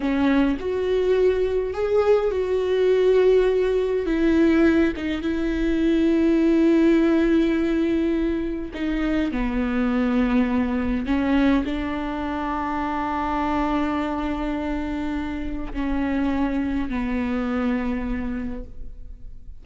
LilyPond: \new Staff \with { instrumentName = "viola" } { \time 4/4 \tempo 4 = 103 cis'4 fis'2 gis'4 | fis'2. e'4~ | e'8 dis'8 e'2.~ | e'2. dis'4 |
b2. cis'4 | d'1~ | d'2. cis'4~ | cis'4 b2. | }